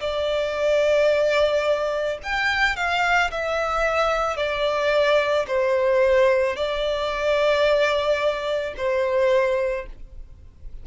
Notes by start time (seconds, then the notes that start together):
0.00 D5
2.23 G5
2.76 F5
3.31 E5
4.36 D5
5.47 C5
6.56 D5
8.77 C5